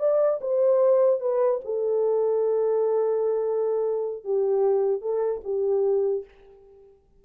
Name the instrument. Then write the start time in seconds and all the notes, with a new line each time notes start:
horn
0.00 D5
0.42 C5
1.21 B4
1.65 A4
4.25 G4
5.02 A4
5.44 G4